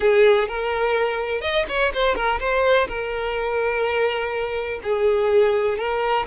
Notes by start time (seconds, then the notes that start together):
0.00 G#4
0.48 A#4
1.41 D#5
1.68 C#5
1.93 C5
2.15 A#4
2.39 C5
2.88 A#4
4.83 G#4
5.78 A#4